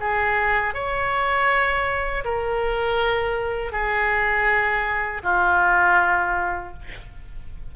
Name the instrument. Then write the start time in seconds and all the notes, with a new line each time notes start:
oboe
0.00 G#4
0.74 C#5
2.25 A#4
3.72 G#4
5.23 F4